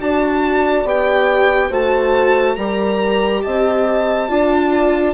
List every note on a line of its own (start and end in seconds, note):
0.00 0.85 D4
0.00 0.85 F#4
0.00 1.70 D5
0.00 0.87 A5
0.85 1.71 B3
0.85 1.71 G4
0.85 1.74 G5
1.70 2.57 A3
1.70 2.56 F#4
1.70 2.55 C5
1.70 2.56 A5
2.56 3.43 G3
2.56 4.29 G4
2.56 3.43 A#4
2.56 3.42 A#5
3.43 4.30 C4
3.43 4.30 D#5
3.43 5.14 A5
4.29 5.15 D4
4.29 5.14 F4
4.29 5.15 D5